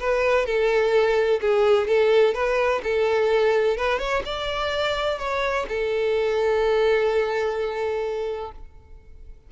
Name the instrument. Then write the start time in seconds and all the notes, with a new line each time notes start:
violin
0.00 B4
0.46 A4
1.41 G#4
1.87 A4
2.34 B4
2.84 A4
3.77 B4
3.99 C#5
4.25 D5
5.19 C#5
5.69 A4